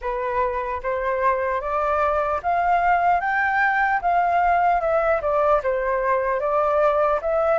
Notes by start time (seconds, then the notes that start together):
0.01 B4
0.82 C5
1.60 D5
2.43 F5
3.20 G5
4.01 F5
4.80 E5
5.21 D5
5.63 C5
6.40 D5
7.21 E5